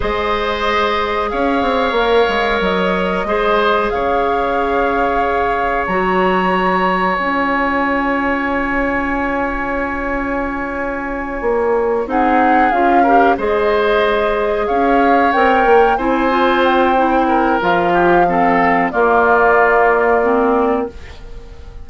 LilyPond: <<
  \new Staff \with { instrumentName = "flute" } { \time 4/4 \tempo 4 = 92 dis''2 f''2 | dis''2 f''2~ | f''4 ais''2 gis''4~ | gis''1~ |
gis''2~ gis''8 fis''4 f''8~ | f''8 dis''2 f''4 g''8~ | g''8 gis''4 g''4. f''4~ | f''4 d''2. | }
  \new Staff \with { instrumentName = "oboe" } { \time 4/4 c''2 cis''2~ | cis''4 c''4 cis''2~ | cis''1~ | cis''1~ |
cis''2~ cis''8 gis'4. | ais'8 c''2 cis''4.~ | cis''8 c''2 ais'4 g'8 | a'4 f'2. | }
  \new Staff \with { instrumentName = "clarinet" } { \time 4/4 gis'2. ais'4~ | ais'4 gis'2.~ | gis'4 fis'2 f'4~ | f'1~ |
f'2~ f'8 dis'4 f'8 | g'8 gis'2. ais'8~ | ais'8 e'8 f'4 e'4 f'4 | c'4 ais2 c'4 | }
  \new Staff \with { instrumentName = "bassoon" } { \time 4/4 gis2 cis'8 c'8 ais8 gis8 | fis4 gis4 cis2~ | cis4 fis2 cis'4~ | cis'1~ |
cis'4. ais4 c'4 cis'8~ | cis'8 gis2 cis'4 c'8 | ais8 c'2~ c'8 f4~ | f4 ais2. | }
>>